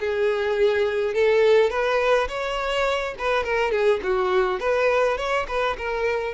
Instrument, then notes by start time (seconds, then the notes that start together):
violin
0.00 G#4
1.14 A4
1.70 B4
2.28 C#5
3.19 B4
3.44 A#4
3.72 G#4
4.03 F#4
4.60 B4
5.17 C#5
5.48 B4
5.78 A#4